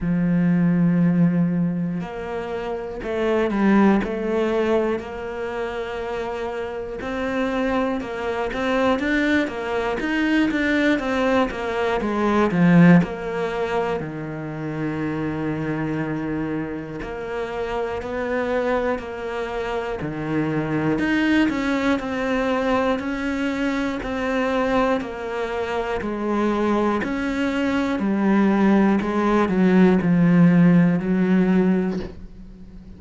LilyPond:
\new Staff \with { instrumentName = "cello" } { \time 4/4 \tempo 4 = 60 f2 ais4 a8 g8 | a4 ais2 c'4 | ais8 c'8 d'8 ais8 dis'8 d'8 c'8 ais8 | gis8 f8 ais4 dis2~ |
dis4 ais4 b4 ais4 | dis4 dis'8 cis'8 c'4 cis'4 | c'4 ais4 gis4 cis'4 | g4 gis8 fis8 f4 fis4 | }